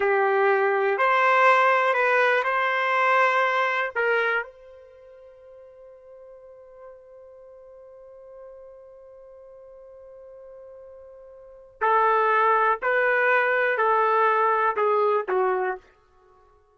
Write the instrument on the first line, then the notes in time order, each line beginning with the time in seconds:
trumpet
0.00 G4
0.98 C5
1.93 B4
2.43 C5
3.95 A#4
4.42 C5
11.81 A4
12.81 B4
13.77 A4
14.76 G#4
15.28 F#4